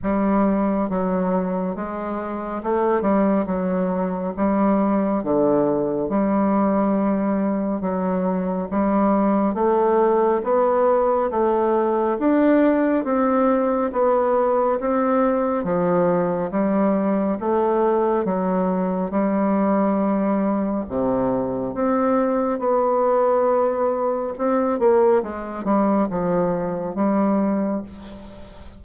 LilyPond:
\new Staff \with { instrumentName = "bassoon" } { \time 4/4 \tempo 4 = 69 g4 fis4 gis4 a8 g8 | fis4 g4 d4 g4~ | g4 fis4 g4 a4 | b4 a4 d'4 c'4 |
b4 c'4 f4 g4 | a4 fis4 g2 | c4 c'4 b2 | c'8 ais8 gis8 g8 f4 g4 | }